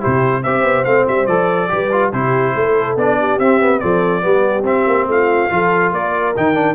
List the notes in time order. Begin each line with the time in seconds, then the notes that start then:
0.00 E4 G4 C5
0.06 C3
0.44 C4 G4 C5 E5
0.63 B3
0.85 A3 C4 F5
1.08 G3 E5
1.27 F3 A4 D5
1.70 G3 G4 B4
1.92 F4
2.13 C3 E4 G4 C5
2.55 A3 A4
2.96 B3 D4 D5
3.20 G4
3.39 C4 E5
3.61 B3
3.80 F3 C4 A4 D5
4.22 G3 B3 G4
4.64 C4 E5
4.87 A#3
5.07 A3 F4 F5
5.50 F3 F4 A4
5.92 A#3 A#4 D5
6.37 D#3 D#4 G5
6.55 D4